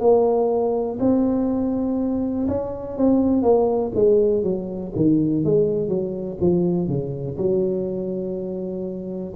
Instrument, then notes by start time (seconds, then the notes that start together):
tuba
0.00 A#3
0.99 C4
2.48 C#4
2.97 C4
3.42 A#3
3.94 G#3
4.43 F#3
4.95 D#3
5.44 G#3
5.88 F#3
6.40 F3
6.88 C#3
7.37 F#3